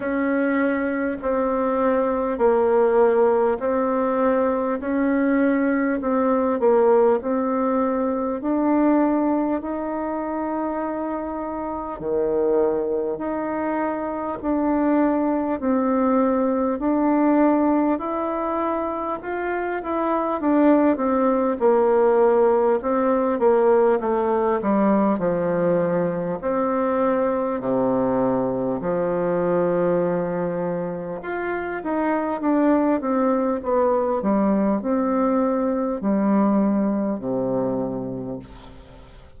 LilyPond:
\new Staff \with { instrumentName = "bassoon" } { \time 4/4 \tempo 4 = 50 cis'4 c'4 ais4 c'4 | cis'4 c'8 ais8 c'4 d'4 | dis'2 dis4 dis'4 | d'4 c'4 d'4 e'4 |
f'8 e'8 d'8 c'8 ais4 c'8 ais8 | a8 g8 f4 c'4 c4 | f2 f'8 dis'8 d'8 c'8 | b8 g8 c'4 g4 c4 | }